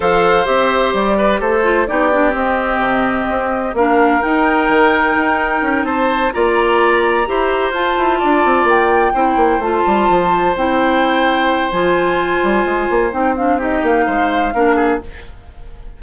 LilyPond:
<<
  \new Staff \with { instrumentName = "flute" } { \time 4/4 \tempo 4 = 128 f''4 e''4 d''4 c''4 | d''4 dis''2. | f''4 g''2.~ | g''8 a''4 ais''2~ ais''8~ |
ais''8 a''2 g''4.~ | g''8 a''2 g''4.~ | g''4 gis''2. | g''8 f''8 dis''8 f''2~ f''8 | }
  \new Staff \with { instrumentName = "oboe" } { \time 4/4 c''2~ c''8 b'8 a'4 | g'1 | ais'1~ | ais'8 c''4 d''2 c''8~ |
c''4. d''2 c''8~ | c''1~ | c''1~ | c''4 g'4 c''4 ais'8 gis'8 | }
  \new Staff \with { instrumentName = "clarinet" } { \time 4/4 a'4 g'2~ g'8 f'8 | dis'8 d'8 c'2. | d'4 dis'2.~ | dis'4. f'2 g'8~ |
g'8 f'2. e'8~ | e'8 f'2 e'4.~ | e'4 f'2. | dis'8 d'8 dis'2 d'4 | }
  \new Staff \with { instrumentName = "bassoon" } { \time 4/4 f4 c'4 g4 a4 | b4 c'4 c4 c'4 | ais4 dis'4 dis4 dis'4 | cis'8 c'4 ais2 e'8~ |
e'8 f'8 e'8 d'8 c'8 ais4 c'8 | ais8 a8 g8 f4 c'4.~ | c'4 f4. g8 gis8 ais8 | c'4. ais8 gis4 ais4 | }
>>